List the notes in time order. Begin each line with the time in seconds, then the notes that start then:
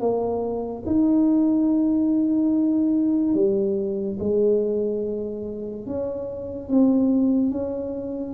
0.00 A#3
0.86 D#4
3.34 G3
4.20 G#3
5.86 C#4
6.69 C4
7.51 C#4